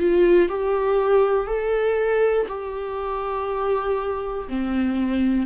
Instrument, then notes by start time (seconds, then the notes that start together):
viola
0.00 F4
0.49 G4
1.47 A4
2.49 G4
4.49 C4